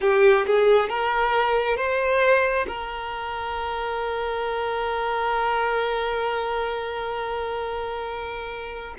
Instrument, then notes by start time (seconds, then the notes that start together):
violin
0.00 G4
0.46 G#4
0.89 A#4
1.76 C5
2.67 A#4